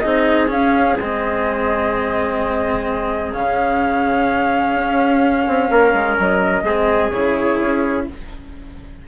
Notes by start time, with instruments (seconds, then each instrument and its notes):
0.00 bassoon C4, cello D#4, trumpet G#4, flute D#5
0.48 cello C#4, bassoon C#4, flute F5
0.99 bassoon G#3, cello C4, flute D#5
3.34 bassoon C#3, cello C#4, flute F5
4.76 bassoon C#4
5.48 bassoon C4
5.70 bassoon A#3, trumpet A#4
5.94 bassoon G#3
6.19 bassoon F#3, flute D#5
6.63 bassoon G#3, cello C4, trumpet G#4
7.11 bassoon C#3, cello E4, flute C#5
7.61 bassoon C#4